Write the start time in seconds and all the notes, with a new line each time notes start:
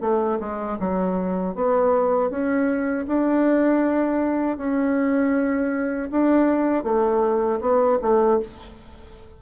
0.00 A3
0.39 G#3
0.79 F#3
1.55 B3
2.30 C#4
3.07 D4
4.57 C#4
6.11 D4
6.84 A3
7.60 B3
8.02 A3